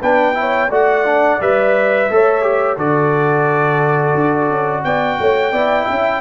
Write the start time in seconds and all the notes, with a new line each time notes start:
0.00 B3 D4 B4 G5
0.34 E4 C#5
0.69 A3 F#4 D5 F#5
1.05 D4
1.40 G3 B4 E5
2.10 A3 A4 C#5
2.42 G4
2.77 D3 F#4 A4 D5
4.14 D4
4.49 C#4
4.84 B3 D5 G5
5.19 A3 C#5
5.52 B3 E4 D5
5.85 C#4 E5